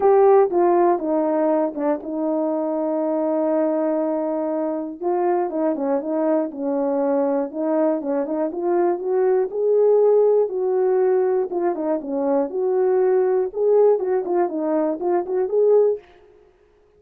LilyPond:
\new Staff \with { instrumentName = "horn" } { \time 4/4 \tempo 4 = 120 g'4 f'4 dis'4. d'8 | dis'1~ | dis'2 f'4 dis'8 cis'8 | dis'4 cis'2 dis'4 |
cis'8 dis'8 f'4 fis'4 gis'4~ | gis'4 fis'2 f'8 dis'8 | cis'4 fis'2 gis'4 | fis'8 f'8 dis'4 f'8 fis'8 gis'4 | }